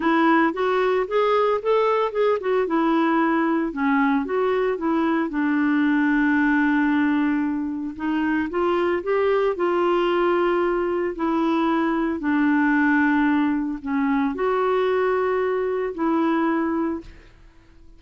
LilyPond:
\new Staff \with { instrumentName = "clarinet" } { \time 4/4 \tempo 4 = 113 e'4 fis'4 gis'4 a'4 | gis'8 fis'8 e'2 cis'4 | fis'4 e'4 d'2~ | d'2. dis'4 |
f'4 g'4 f'2~ | f'4 e'2 d'4~ | d'2 cis'4 fis'4~ | fis'2 e'2 | }